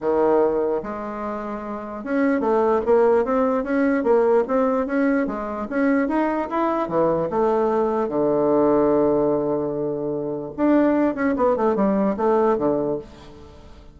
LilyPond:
\new Staff \with { instrumentName = "bassoon" } { \time 4/4 \tempo 4 = 148 dis2 gis2~ | gis4 cis'4 a4 ais4 | c'4 cis'4 ais4 c'4 | cis'4 gis4 cis'4 dis'4 |
e'4 e4 a2 | d1~ | d2 d'4. cis'8 | b8 a8 g4 a4 d4 | }